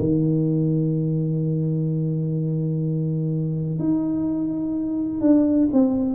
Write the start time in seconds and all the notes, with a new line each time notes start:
0.00 D#3
3.80 D#4
5.22 D4
5.73 C4